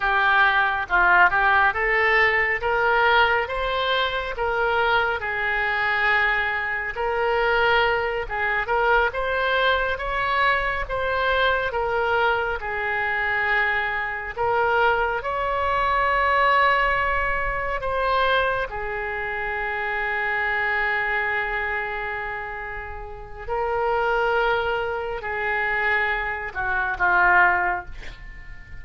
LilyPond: \new Staff \with { instrumentName = "oboe" } { \time 4/4 \tempo 4 = 69 g'4 f'8 g'8 a'4 ais'4 | c''4 ais'4 gis'2 | ais'4. gis'8 ais'8 c''4 cis''8~ | cis''8 c''4 ais'4 gis'4.~ |
gis'8 ais'4 cis''2~ cis''8~ | cis''8 c''4 gis'2~ gis'8~ | gis'2. ais'4~ | ais'4 gis'4. fis'8 f'4 | }